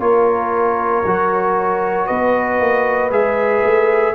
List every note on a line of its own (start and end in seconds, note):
0.00 1.03 A#3
0.00 1.04 F4
0.00 2.07 A#4
0.00 2.07 C#5
1.06 2.09 F#3
1.06 3.11 F#4
2.07 2.60 B3
2.07 4.14 B4
2.07 3.11 D#5
2.60 3.11 A#3
3.11 3.63 G#3
3.11 4.14 G#4
3.11 4.15 E5
3.65 4.15 A3